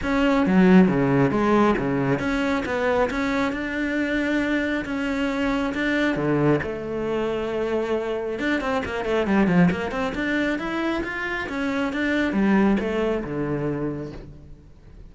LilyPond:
\new Staff \with { instrumentName = "cello" } { \time 4/4 \tempo 4 = 136 cis'4 fis4 cis4 gis4 | cis4 cis'4 b4 cis'4 | d'2. cis'4~ | cis'4 d'4 d4 a4~ |
a2. d'8 c'8 | ais8 a8 g8 f8 ais8 c'8 d'4 | e'4 f'4 cis'4 d'4 | g4 a4 d2 | }